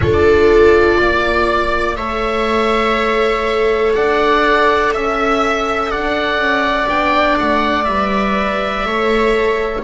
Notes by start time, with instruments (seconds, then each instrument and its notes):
0.00 double bass D4, viola F4 A4, oboe D5
0.97 double bass A#3, viola D5
1.95 double bass A3, viola A4 C#5, oboe E5
3.93 double bass D4, viola D5, oboe F#5
4.93 double bass C#4, viola E5, oboe E5
5.90 double bass D4, viola D5, oboe F#5
6.37 double bass C#4
6.86 double bass B3, viola D4, oboe G5
7.38 double bass A3, oboe F#5
7.84 double bass G3, viola B4, oboe E5
8.84 double bass A3, viola A4 C#5